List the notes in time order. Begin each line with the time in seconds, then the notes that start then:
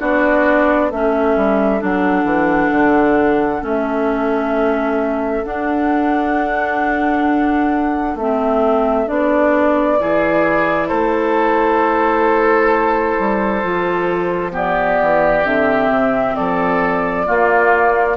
0.00 B3 D4 F#4 D5
0.90 A3 C#4 A4 E5
1.37 G3
1.80 F#3 D4 F#5
2.25 E3
2.71 D3
3.62 A3 C#4 E5
5.45 D4 F#5
8.16 A3 C4 E5
9.07 B3 D4 D5
10.00 E3 E4 G#4
10.88 A3 A4 C5
13.20 G3
13.63 F3 F4
14.52 B3 G4 D5
15.02 E3
15.45 D3 C4 E5
15.89 C3
16.36 F3 A4 D5
17.27 A#3 F4